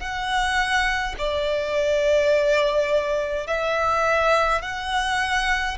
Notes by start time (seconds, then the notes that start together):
0.00 F#5
1.19 D5
3.47 E5
4.62 F#5